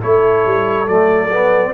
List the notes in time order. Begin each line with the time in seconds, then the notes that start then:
0.00 A3 E4 A4 C#5
0.46 G3
0.87 F#3 A3 D5
1.31 B3